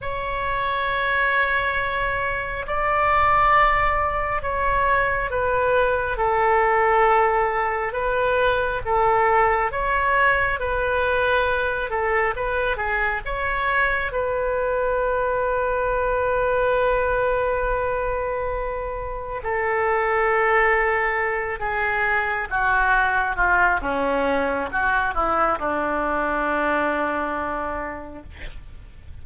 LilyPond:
\new Staff \with { instrumentName = "oboe" } { \time 4/4 \tempo 4 = 68 cis''2. d''4~ | d''4 cis''4 b'4 a'4~ | a'4 b'4 a'4 cis''4 | b'4. a'8 b'8 gis'8 cis''4 |
b'1~ | b'2 a'2~ | a'8 gis'4 fis'4 f'8 cis'4 | fis'8 e'8 d'2. | }